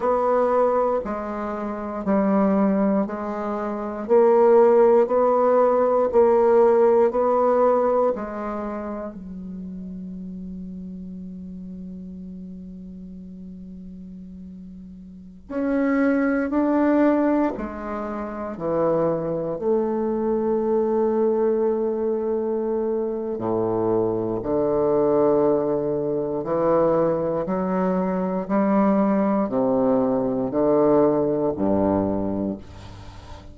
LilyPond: \new Staff \with { instrumentName = "bassoon" } { \time 4/4 \tempo 4 = 59 b4 gis4 g4 gis4 | ais4 b4 ais4 b4 | gis4 fis2.~ | fis2.~ fis16 cis'8.~ |
cis'16 d'4 gis4 e4 a8.~ | a2. a,4 | d2 e4 fis4 | g4 c4 d4 g,4 | }